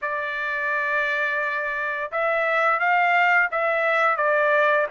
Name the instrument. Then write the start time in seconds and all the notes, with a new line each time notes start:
trumpet
0.01 D5
2.11 E5
2.79 F5
3.51 E5
4.17 D5